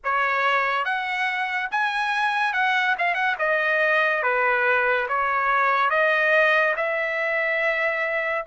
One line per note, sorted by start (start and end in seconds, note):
0.03 0.85 C#5
0.85 1.69 F#5
1.71 2.53 G#5
2.53 2.95 F#5
2.98 3.14 F5
3.14 3.35 F#5
3.38 4.23 D#5
4.23 5.07 B4
5.08 5.89 C#5
5.89 6.74 D#5
6.76 8.45 E5